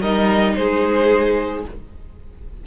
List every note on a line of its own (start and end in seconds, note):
0.00 0.55 G3
0.00 1.65 D#4
0.00 0.54 A#4
0.00 0.55 D#5
0.55 1.65 G#3
0.55 1.66 G#4
0.55 1.64 C5